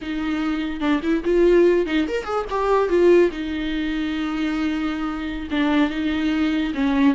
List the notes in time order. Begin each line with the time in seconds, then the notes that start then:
0.01 D#4
0.80 D4
1.02 E4
1.24 F4
1.86 D#4
2.08 A#4
2.24 G#4
2.50 G4
2.89 F4
3.31 D#4
5.50 D4
5.89 D#4
6.74 C#4